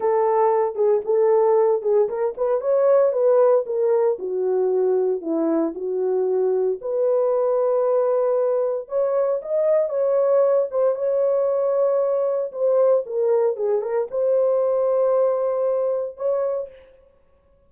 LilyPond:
\new Staff \with { instrumentName = "horn" } { \time 4/4 \tempo 4 = 115 a'4. gis'8 a'4. gis'8 | ais'8 b'8 cis''4 b'4 ais'4 | fis'2 e'4 fis'4~ | fis'4 b'2.~ |
b'4 cis''4 dis''4 cis''4~ | cis''8 c''8 cis''2. | c''4 ais'4 gis'8 ais'8 c''4~ | c''2. cis''4 | }